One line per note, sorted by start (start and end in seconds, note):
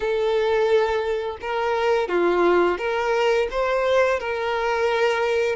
0.00 1.37 A4
1.41 2.08 A#4
2.08 2.78 F4
2.78 3.48 A#4
3.50 4.19 C5
4.19 5.55 A#4